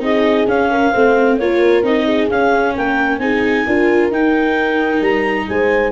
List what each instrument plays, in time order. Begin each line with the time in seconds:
0.00 tuba C4, viola D#4, horn G#4, clarinet D#5
0.47 tuba C#4, viola C#4, clarinet F5
0.71 horn A#4
0.93 tuba A3, viola C4, horn C5
1.38 tuba A#3, viola F4, horn A#4, clarinet C#5
1.83 tuba C4, viola D#4, clarinet D#5
2.05 horn G#4
2.30 viola C#4, tuba C#4, clarinet F5
2.75 tuba A#3, horn A#4, clarinet G5
3.19 tuba C4, viola D#4, horn G#4, clarinet G#5
3.66 tuba D4, viola F4, horn A#4
4.11 tuba D#4, viola D#4, clarinet G5
5.01 tuba G3, clarinet A#5
5.48 tuba G#3, horn C5, clarinet G#5